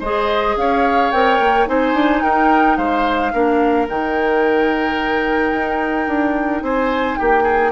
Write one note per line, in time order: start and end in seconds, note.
0.00 0.56 G#3
0.00 1.13 G#4
0.00 0.55 C5
0.00 0.57 D#5
0.57 1.12 C#4
0.57 1.69 C#5
0.57 1.12 F5
1.12 1.39 C4
1.12 1.66 A#4
1.12 1.67 G5
1.39 1.67 A#3
1.66 1.94 C4
1.66 3.31 D#4
1.66 2.23 C5
1.66 2.22 G#5
1.94 2.21 D4
2.22 2.78 D#4
2.22 2.77 A#4
2.22 2.77 G5
2.77 3.33 G#3
2.77 3.32 C5
2.77 3.87 F5
3.33 3.89 A#3
3.33 3.88 D4
3.33 6.64 A#4
3.88 5.53 D#3
3.88 7.72 D#4
3.88 6.64 G5
5.53 6.07 D#4
6.07 6.62 D4
6.62 7.17 C4
6.62 7.19 C5
6.62 7.17 G#5
7.17 7.72 A#3
7.17 7.43 G4
7.17 7.72 G5
7.43 7.71 G#4